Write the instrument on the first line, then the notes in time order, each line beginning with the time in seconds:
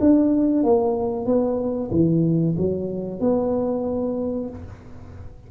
tuba
0.00 D4
0.63 A#3
1.26 B3
1.91 E3
2.57 F#3
3.20 B3